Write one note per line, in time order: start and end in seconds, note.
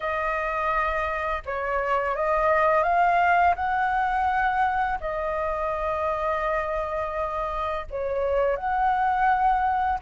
0.00 1.42 D#5
1.45 2.15 C#5
2.15 2.83 D#5
2.83 3.54 F5
3.55 4.98 F#5
5.00 7.86 D#5
7.90 8.56 C#5
8.56 9.99 F#5